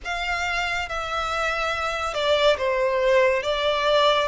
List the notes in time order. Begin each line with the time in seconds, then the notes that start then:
0.04 F5
0.88 E5
2.14 D5
2.57 C5
3.42 D5